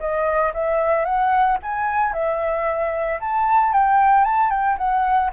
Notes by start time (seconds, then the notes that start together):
0.00 D#5
0.54 E5
1.05 F#5
1.63 G#5
2.14 E5
3.21 A5
3.73 G5
4.25 A5
4.51 G5
4.78 F#5